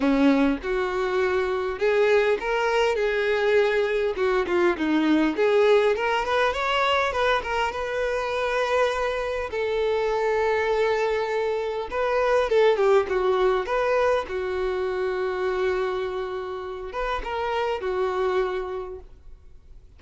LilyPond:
\new Staff \with { instrumentName = "violin" } { \time 4/4 \tempo 4 = 101 cis'4 fis'2 gis'4 | ais'4 gis'2 fis'8 f'8 | dis'4 gis'4 ais'8 b'8 cis''4 | b'8 ais'8 b'2. |
a'1 | b'4 a'8 g'8 fis'4 b'4 | fis'1~ | fis'8 b'8 ais'4 fis'2 | }